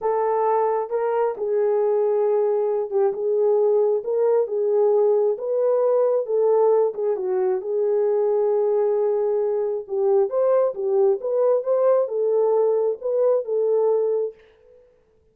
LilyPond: \new Staff \with { instrumentName = "horn" } { \time 4/4 \tempo 4 = 134 a'2 ais'4 gis'4~ | gis'2~ gis'8 g'8 gis'4~ | gis'4 ais'4 gis'2 | b'2 a'4. gis'8 |
fis'4 gis'2.~ | gis'2 g'4 c''4 | g'4 b'4 c''4 a'4~ | a'4 b'4 a'2 | }